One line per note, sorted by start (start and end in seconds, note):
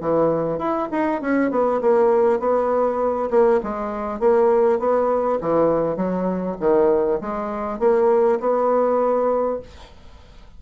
0.00 0.58 E3
0.58 0.88 E4
0.91 1.21 D#4
1.21 1.50 C#4
1.50 1.80 B3
1.81 2.39 A#3
2.39 3.29 B3
3.30 3.60 A#3
3.63 4.19 G#3
4.19 4.79 A#3
4.79 5.39 B3
5.41 5.96 E3
5.96 6.56 F#3
6.60 7.20 D#3
7.20 7.79 G#3
7.79 8.39 A#3
8.40 9.60 B3